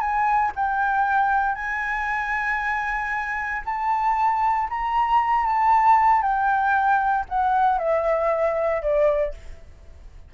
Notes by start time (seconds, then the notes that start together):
0.00 G#5
0.56 G5
1.55 G#5
3.65 A5
4.70 A#5
5.46 A5
6.22 G5
7.29 F#5
7.78 E5
8.82 D5